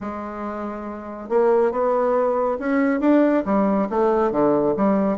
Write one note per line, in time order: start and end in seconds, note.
0.00 1.29 G#3
1.29 1.71 A#3
1.71 2.57 B3
2.59 3.00 C#4
3.00 3.43 D4
3.45 3.88 G3
3.89 4.31 A3
4.31 4.74 D3
4.76 5.18 G3